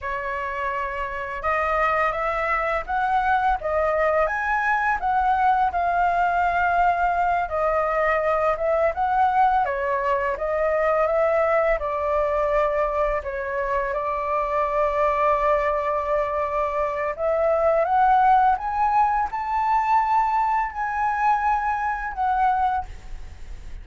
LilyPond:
\new Staff \with { instrumentName = "flute" } { \time 4/4 \tempo 4 = 84 cis''2 dis''4 e''4 | fis''4 dis''4 gis''4 fis''4 | f''2~ f''8 dis''4. | e''8 fis''4 cis''4 dis''4 e''8~ |
e''8 d''2 cis''4 d''8~ | d''1 | e''4 fis''4 gis''4 a''4~ | a''4 gis''2 fis''4 | }